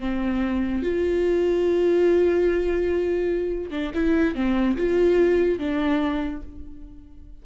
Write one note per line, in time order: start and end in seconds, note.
0.00 0.83 C4
0.83 3.71 F4
3.71 3.92 D4
3.95 4.35 E4
4.35 4.77 C4
4.77 5.59 F4
5.59 6.43 D4